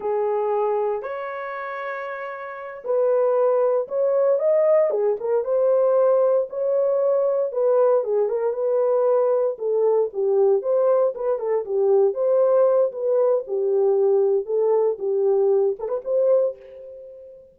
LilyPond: \new Staff \with { instrumentName = "horn" } { \time 4/4 \tempo 4 = 116 gis'2 cis''2~ | cis''4. b'2 cis''8~ | cis''8 dis''4 gis'8 ais'8 c''4.~ | c''8 cis''2 b'4 gis'8 |
ais'8 b'2 a'4 g'8~ | g'8 c''4 b'8 a'8 g'4 c''8~ | c''4 b'4 g'2 | a'4 g'4. a'16 b'16 c''4 | }